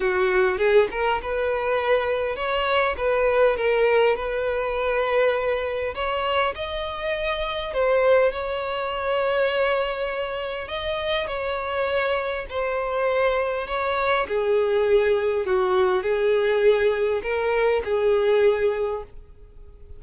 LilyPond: \new Staff \with { instrumentName = "violin" } { \time 4/4 \tempo 4 = 101 fis'4 gis'8 ais'8 b'2 | cis''4 b'4 ais'4 b'4~ | b'2 cis''4 dis''4~ | dis''4 c''4 cis''2~ |
cis''2 dis''4 cis''4~ | cis''4 c''2 cis''4 | gis'2 fis'4 gis'4~ | gis'4 ais'4 gis'2 | }